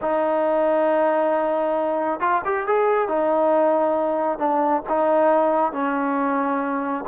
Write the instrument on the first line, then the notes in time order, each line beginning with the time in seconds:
trombone
0.01 D#4
2.20 F4
2.44 G4
2.66 G#4
3.08 D#4
4.38 D4
4.89 D#4
5.72 C#4